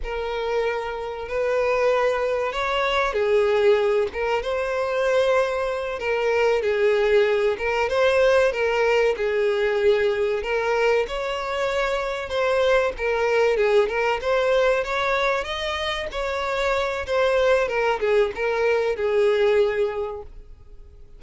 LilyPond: \new Staff \with { instrumentName = "violin" } { \time 4/4 \tempo 4 = 95 ais'2 b'2 | cis''4 gis'4. ais'8 c''4~ | c''4. ais'4 gis'4. | ais'8 c''4 ais'4 gis'4.~ |
gis'8 ais'4 cis''2 c''8~ | c''8 ais'4 gis'8 ais'8 c''4 cis''8~ | cis''8 dis''4 cis''4. c''4 | ais'8 gis'8 ais'4 gis'2 | }